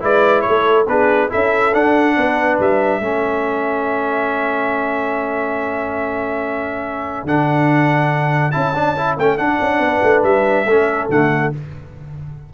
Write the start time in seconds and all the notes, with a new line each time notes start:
0.00 G#3 E4 B4 D5
0.41 C#5
0.48 A3 A4
0.87 B3 D4 G#4 B4
1.29 C#4 E4 A4 E5
1.74 D4 F#5
2.17 B3 B4
2.59 G3 E5
3.00 A3 C#4 A4
7.24 D3 D4 F#5
8.51 C#4 E4 A5
8.75 D4
8.97 E4
9.17 A3 C#4 G5
9.37 D4 F#5
9.61 C#4
9.79 B3
9.85 B4
10.03 A3
10.23 G3 E5
10.65 A3 C#4 A4
11.09 D3 A3 F#5